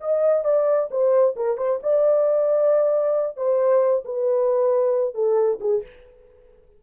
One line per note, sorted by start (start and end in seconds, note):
0.00 0.44 D#5
0.44 0.89 D5
0.90 1.35 C5
1.36 1.57 A#4
1.57 1.79 C5
1.82 3.36 D5
3.36 4.04 C5
4.04 5.14 B4
5.14 5.59 A4
5.60 5.82 G#4